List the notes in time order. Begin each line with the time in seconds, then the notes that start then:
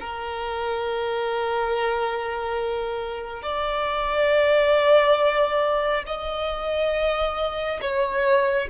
0.00 A#4
3.42 D5
6.06 D#5
7.81 C#5